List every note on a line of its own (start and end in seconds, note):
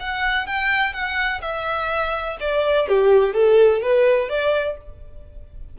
0.00 0.47 F#5
0.47 0.93 G5
0.93 1.41 F#5
1.42 2.38 E5
2.41 2.88 D5
2.88 3.34 G4
3.34 3.82 A4
3.82 4.29 B4
4.29 4.77 D5